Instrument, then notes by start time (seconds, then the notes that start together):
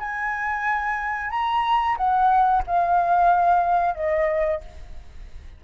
flute
0.00 G#5
1.31 A#5
1.98 F#5
2.67 F5
3.95 D#5